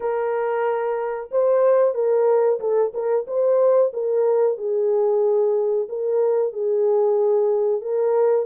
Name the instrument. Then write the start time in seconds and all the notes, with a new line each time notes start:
horn
0.00 A#4
1.31 C5
1.94 A#4
2.60 A4
2.93 A#4
3.27 C5
3.93 A#4
4.57 G#4
5.88 A#4
6.52 G#4
7.81 A#4